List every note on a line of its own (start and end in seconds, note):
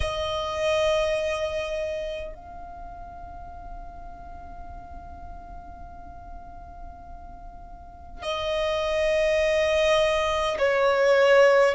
0.00 2.34 D#5
2.34 8.22 F5
8.22 10.57 D#5
10.58 11.74 C#5